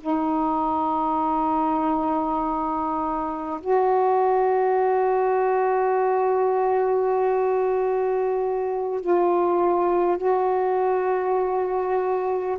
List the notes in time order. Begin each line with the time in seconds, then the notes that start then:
0.00 D#4
3.61 F#4
9.00 F4
10.17 F#4